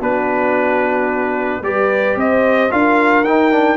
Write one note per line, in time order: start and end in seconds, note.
0.00 1.62 B3
0.00 1.63 D4
0.00 1.62 F#4
0.00 1.64 B4
1.62 2.16 G3
1.62 2.71 G4
1.62 2.19 B4
1.62 2.18 D5
2.16 2.70 C4
2.16 2.72 C5
2.16 2.72 D#5
2.71 3.25 D4
2.71 3.25 F4
2.71 3.77 A#4
2.71 3.24 F5
3.24 3.77 D#4
3.24 3.52 D#4
3.24 3.77 G5
3.52 3.77 D4